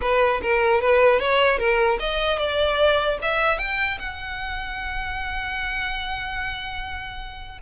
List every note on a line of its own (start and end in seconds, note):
0.01 0.41 B4
0.41 0.81 A#4
0.81 1.19 B4
1.19 1.58 C#5
1.58 1.98 A#4
1.99 2.38 D#5
2.38 3.18 D5
3.22 3.58 E5
3.58 3.98 G5
3.98 7.58 F#5